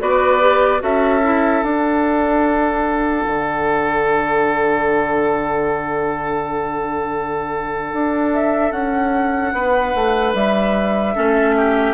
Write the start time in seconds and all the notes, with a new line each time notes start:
0.00 B3 F#4 B4 D5
0.41 G4
0.80 C#4 F#4 A4 E5
1.23 E4
1.63 D4 F#5
3.27 D3
7.93 D4
8.34 E5
8.72 C#4 F#5
9.53 B3 B4
9.95 A3
10.34 G3 E5
11.15 A3 C#4 A4
11.57 G4